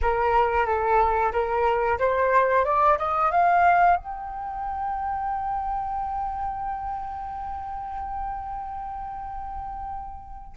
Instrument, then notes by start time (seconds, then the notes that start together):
flute
0.01 A#4
0.66 A4
1.32 A#4
1.98 C5
2.65 D5
2.98 D#5
3.31 F5
3.96 G5